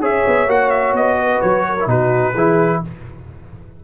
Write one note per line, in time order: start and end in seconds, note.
0.00 0.23 C#4
0.00 0.48 G#4
0.00 1.18 C#5
0.00 0.50 E5
0.26 0.47 B3
0.47 0.92 A#3
0.47 1.77 F#4
0.47 0.70 F#5
0.70 0.93 E5
0.92 1.39 B3
0.92 1.41 D#5
1.21 1.68 B4
1.41 1.86 F#3
1.41 1.88 C#5
1.68 1.89 A#4
1.80 1.86 E4
1.86 2.33 B2
1.86 2.33 D#4
1.86 2.34 F#4
1.86 2.83 B4
2.34 2.82 E3
2.34 2.84 E4
2.34 2.81 G#4